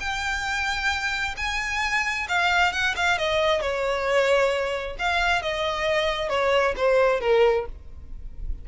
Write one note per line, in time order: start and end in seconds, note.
0.00 1.35 G5
1.37 2.27 G#5
2.28 2.73 F5
2.73 2.95 F#5
2.96 3.18 F5
3.18 3.61 D#5
3.61 4.97 C#5
4.99 5.42 F5
5.42 6.29 D#5
6.29 6.74 C#5
6.76 7.21 C5
7.21 7.66 A#4